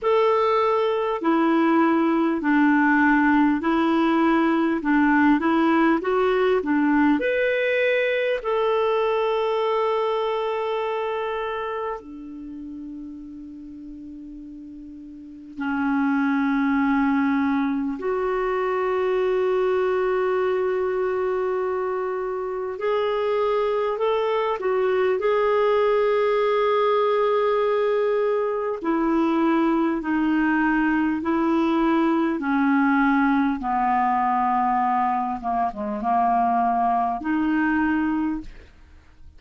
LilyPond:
\new Staff \with { instrumentName = "clarinet" } { \time 4/4 \tempo 4 = 50 a'4 e'4 d'4 e'4 | d'8 e'8 fis'8 d'8 b'4 a'4~ | a'2 d'2~ | d'4 cis'2 fis'4~ |
fis'2. gis'4 | a'8 fis'8 gis'2. | e'4 dis'4 e'4 cis'4 | b4. ais16 gis16 ais4 dis'4 | }